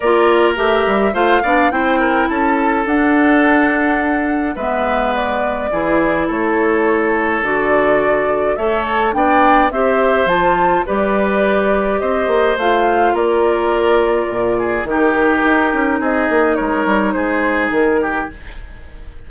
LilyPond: <<
  \new Staff \with { instrumentName = "flute" } { \time 4/4 \tempo 4 = 105 d''4 e''4 f''4 g''4 | a''4 fis''2. | e''4 d''2 cis''4~ | cis''4 d''2 e''8 a''8 |
g''4 e''4 a''4 d''4~ | d''4 dis''4 f''4 d''4~ | d''2 ais'2 | dis''4 cis''4 c''4 ais'4 | }
  \new Staff \with { instrumentName = "oboe" } { \time 4/4 ais'2 c''8 d''8 c''8 ais'8 | a'1 | b'2 gis'4 a'4~ | a'2. cis''4 |
d''4 c''2 b'4~ | b'4 c''2 ais'4~ | ais'4. gis'8 g'2 | gis'4 ais'4 gis'4. g'8 | }
  \new Staff \with { instrumentName = "clarinet" } { \time 4/4 f'4 g'4 f'8 d'8 e'4~ | e'4 d'2. | b2 e'2~ | e'4 fis'2 a'4 |
d'4 g'4 f'4 g'4~ | g'2 f'2~ | f'2 dis'2~ | dis'1 | }
  \new Staff \with { instrumentName = "bassoon" } { \time 4/4 ais4 a8 g8 a8 b8 c'4 | cis'4 d'2. | gis2 e4 a4~ | a4 d2 a4 |
b4 c'4 f4 g4~ | g4 c'8 ais8 a4 ais4~ | ais4 ais,4 dis4 dis'8 cis'8 | c'8 ais8 gis8 g8 gis4 dis4 | }
>>